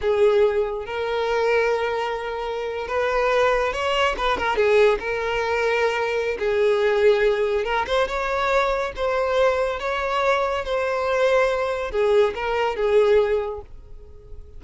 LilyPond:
\new Staff \with { instrumentName = "violin" } { \time 4/4 \tempo 4 = 141 gis'2 ais'2~ | ais'2~ ais'8. b'4~ b'16~ | b'8. cis''4 b'8 ais'8 gis'4 ais'16~ | ais'2. gis'4~ |
gis'2 ais'8 c''8 cis''4~ | cis''4 c''2 cis''4~ | cis''4 c''2. | gis'4 ais'4 gis'2 | }